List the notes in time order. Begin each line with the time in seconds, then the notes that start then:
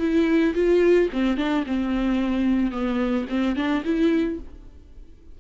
0.00 E4
0.55 F4
1.13 C4
1.38 D4
1.67 C4
2.72 B3
3.30 C4
3.56 D4
3.85 E4